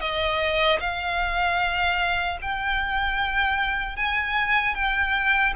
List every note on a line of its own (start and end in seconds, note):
0.00 0.79 D#5
0.80 2.38 F5
2.41 3.96 G5
3.96 4.74 G#5
4.74 5.53 G5